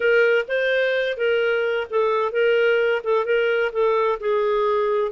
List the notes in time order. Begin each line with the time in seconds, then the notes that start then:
0.00 A#4
0.48 C5
1.17 A#4
1.89 A4
2.32 A#4
3.03 A4
3.25 A#4
3.72 A4
4.20 G#4